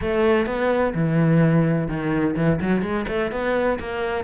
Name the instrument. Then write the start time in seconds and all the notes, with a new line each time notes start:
cello
0.01 A3
0.46 B3
0.94 E3
1.88 D#3
2.36 E3
2.61 F#3
2.82 G#3
3.08 A3
3.31 B3
3.79 A#3